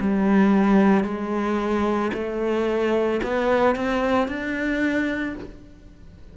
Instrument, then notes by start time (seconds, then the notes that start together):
cello
0.00 G3
1.04 G#3
2.14 A3
3.23 B3
3.76 C4
4.28 D4